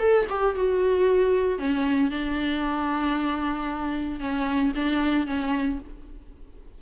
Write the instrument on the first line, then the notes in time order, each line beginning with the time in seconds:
viola
0.00 A4
0.30 G4
0.56 F#4
1.59 C#4
2.11 D4
4.20 C#4
4.76 D4
5.27 C#4